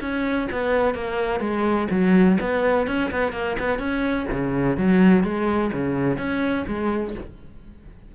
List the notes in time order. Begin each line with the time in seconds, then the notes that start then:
0.00 C#4
0.51 B3
0.94 A#3
1.40 G#3
1.90 F#3
2.40 B3
2.87 C#4
3.11 B3
3.32 A#3
3.59 B3
3.78 C#4
4.31 C#3
4.77 F#3
5.23 G#3
5.72 C#3
6.17 C#4
6.67 G#3